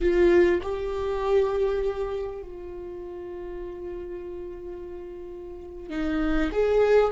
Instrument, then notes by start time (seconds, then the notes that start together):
viola
0.00 F4
0.62 G4
2.42 F4
5.90 D#4
6.52 G#4